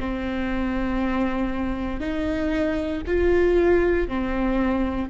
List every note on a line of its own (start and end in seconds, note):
0.00 2.00 C4
2.00 3.02 D#4
3.07 4.08 F4
4.08 5.10 C4